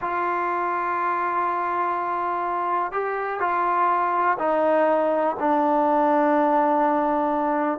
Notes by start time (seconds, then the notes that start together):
0.01 F4
2.91 G4
3.39 F4
4.38 D#4
5.39 D4